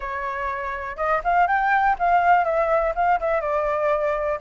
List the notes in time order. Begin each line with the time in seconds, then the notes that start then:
0.00 C#5
0.96 D#5
1.24 F5
1.47 G5
1.98 F5
2.44 E5
2.95 F5
3.20 E5
3.40 D5